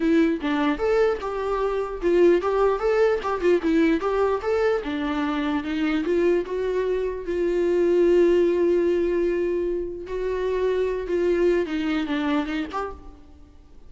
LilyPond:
\new Staff \with { instrumentName = "viola" } { \time 4/4 \tempo 4 = 149 e'4 d'4 a'4 g'4~ | g'4 f'4 g'4 a'4 | g'8 f'8 e'4 g'4 a'4 | d'2 dis'4 f'4 |
fis'2 f'2~ | f'1~ | f'4 fis'2~ fis'8 f'8~ | f'4 dis'4 d'4 dis'8 g'8 | }